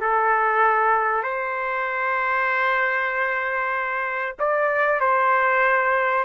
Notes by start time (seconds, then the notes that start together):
0.00 A4
1.23 C5
4.39 D5
5.00 C5